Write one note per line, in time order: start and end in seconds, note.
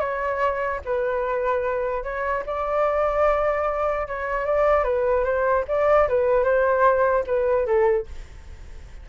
0.00 0.81 C#5
0.85 2.03 B4
2.03 2.44 C#5
2.46 4.07 D5
4.08 4.46 C#5
4.46 4.84 D5
4.84 5.24 B4
5.24 5.65 C5
5.68 6.08 D5
6.09 6.44 B4
6.44 7.24 C5
7.27 7.66 B4
7.66 8.06 A4